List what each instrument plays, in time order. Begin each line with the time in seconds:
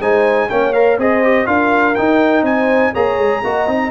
0.00 tuba G#3, trombone D#4, horn C5, trumpet G#5
0.49 tuba A#3, trombone C#4, horn C#5, trumpet G5
0.73 trombone A#4, trumpet F5
0.98 tuba C4, trombone G#4, horn C5, trumpet D#5
1.24 trombone G4
1.46 tuba D4, trombone F4, horn A#4, trumpet F5
1.95 trombone D#4, tuba D#4, trumpet G5
2.42 tuba C4, horn C5, trumpet G#5
2.93 tuba A#3, trombone G#4, horn C#5, trumpet A#5
3.18 tuba G#3
3.44 tuba A#3, trombone F#4, horn D#5
3.67 tuba C4, trombone D#4